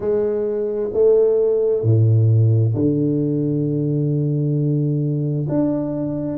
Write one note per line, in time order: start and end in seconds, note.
0.00 0.90 G#3
0.93 1.82 A3
1.82 2.73 A2
2.74 5.47 D3
5.48 6.37 D4